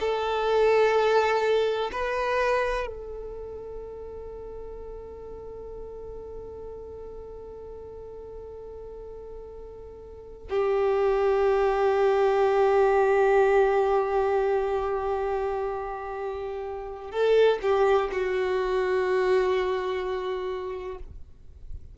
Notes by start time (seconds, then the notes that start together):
0.00 A4
1.92 B4
2.86 A4
10.49 G4
17.11 A4
17.62 G4
18.12 F#4